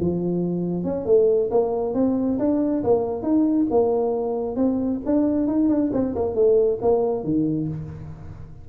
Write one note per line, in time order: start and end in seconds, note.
0.00 0.84 F3
0.84 1.06 C#4
1.06 1.50 A3
1.51 1.94 A#3
1.94 2.38 C4
2.39 2.83 D4
2.84 3.22 A#3
3.22 3.66 D#4
3.70 4.56 A#3
4.56 5.00 C4
5.06 5.47 D4
5.47 5.69 D#4
5.69 5.91 D4
5.93 6.15 C4
6.15 6.35 A#3
6.35 6.79 A3
6.82 7.24 A#3
7.24 7.68 D#3